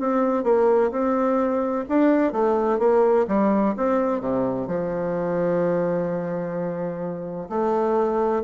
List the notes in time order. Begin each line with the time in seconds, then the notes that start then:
0.00 C4
0.44 A#3
0.91 C4
1.89 D4
2.33 A3
2.79 A#3
3.28 G3
3.77 C4
4.21 C3
4.67 F3
7.50 A3